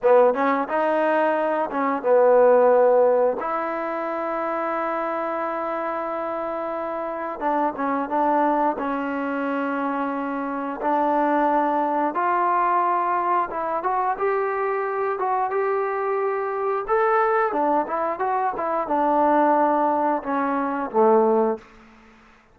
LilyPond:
\new Staff \with { instrumentName = "trombone" } { \time 4/4 \tempo 4 = 89 b8 cis'8 dis'4. cis'8 b4~ | b4 e'2.~ | e'2. d'8 cis'8 | d'4 cis'2. |
d'2 f'2 | e'8 fis'8 g'4. fis'8 g'4~ | g'4 a'4 d'8 e'8 fis'8 e'8 | d'2 cis'4 a4 | }